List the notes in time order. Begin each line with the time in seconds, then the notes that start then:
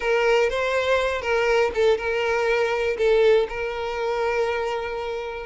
0.00 A#4
0.49 C5
1.21 A#4
1.74 A4
1.97 A#4
2.97 A4
3.48 A#4